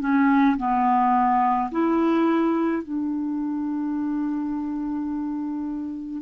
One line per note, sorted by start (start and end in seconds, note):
0.00 0.57 C#4
0.57 1.70 B3
1.72 2.84 E4
2.84 6.22 D4